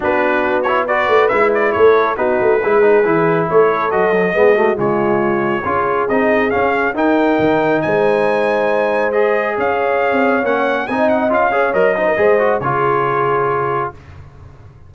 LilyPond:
<<
  \new Staff \with { instrumentName = "trumpet" } { \time 4/4 \tempo 4 = 138 b'4. cis''8 d''4 e''8 d''8 | cis''4 b'2. | cis''4 dis''2 cis''4~ | cis''2 dis''4 f''4 |
g''2 gis''2~ | gis''4 dis''4 f''2 | fis''4 gis''8 fis''8 f''4 dis''4~ | dis''4 cis''2. | }
  \new Staff \with { instrumentName = "horn" } { \time 4/4 fis'2 b'2 | a'4 fis'4 gis'2 | a'2 gis'8 fis'8 f'4~ | f'4 gis'2. |
ais'2 c''2~ | c''2 cis''2~ | cis''4 dis''4. cis''4 c''16 ais'16 | c''4 gis'2. | }
  \new Staff \with { instrumentName = "trombone" } { \time 4/4 d'4. e'8 fis'4 e'4~ | e'4 dis'4 e'8 dis'8 e'4~ | e'4 fis'8 fis8 b8 a8 gis4~ | gis4 f'4 dis'4 cis'4 |
dis'1~ | dis'4 gis'2. | cis'4 dis'4 f'8 gis'8 ais'8 dis'8 | gis'8 fis'8 f'2. | }
  \new Staff \with { instrumentName = "tuba" } { \time 4/4 b2~ b8 a8 gis4 | a4 b8 a8 gis4 e4 | a4 fis4 gis4 cis4~ | cis4 cis'4 c'4 cis'4 |
dis'4 dis4 gis2~ | gis2 cis'4~ cis'16 c'8. | ais4 c'4 cis'4 fis4 | gis4 cis2. | }
>>